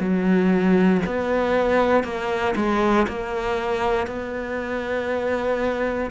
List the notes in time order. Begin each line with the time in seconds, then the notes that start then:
0.00 F#3
1.06 B3
2.04 A#3
2.56 G#3
3.08 A#3
4.07 B3